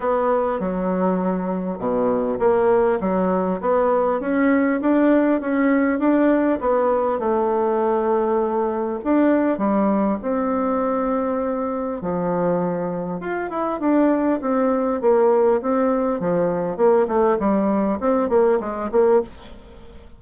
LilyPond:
\new Staff \with { instrumentName = "bassoon" } { \time 4/4 \tempo 4 = 100 b4 fis2 b,4 | ais4 fis4 b4 cis'4 | d'4 cis'4 d'4 b4 | a2. d'4 |
g4 c'2. | f2 f'8 e'8 d'4 | c'4 ais4 c'4 f4 | ais8 a8 g4 c'8 ais8 gis8 ais8 | }